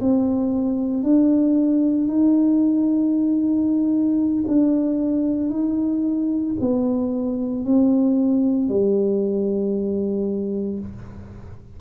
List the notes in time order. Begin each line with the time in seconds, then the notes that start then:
0.00 C4
1.03 D4
2.07 D#4
4.47 D4
5.49 D#4
6.60 B3
7.65 C4
8.68 G3